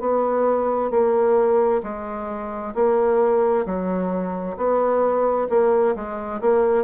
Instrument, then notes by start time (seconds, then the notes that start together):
bassoon
0.00 B3
0.90 A#3
1.83 G#3
2.75 A#3
3.66 F#3
4.57 B3
5.50 A#3
5.95 G#3
6.41 A#3